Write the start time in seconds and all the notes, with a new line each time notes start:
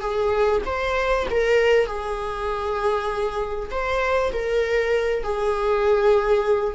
0.00 G#4
0.65 C5
1.30 A#4
1.86 G#4
3.71 C5
4.32 A#4
5.23 G#4